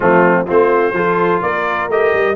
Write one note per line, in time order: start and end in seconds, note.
0.00 0.48 F3
0.00 0.46 A3
0.00 0.46 C4
0.00 0.46 F4
0.46 0.92 A3
0.46 0.94 C4
0.46 0.93 F4
0.46 1.42 C5
0.92 1.40 F3
0.92 1.90 F4
0.92 1.42 A4
1.41 1.89 A#3
1.41 2.35 A#4
1.41 1.89 D5
1.89 2.12 A3
1.89 2.35 G4
1.89 2.35 D#5
2.13 2.35 G3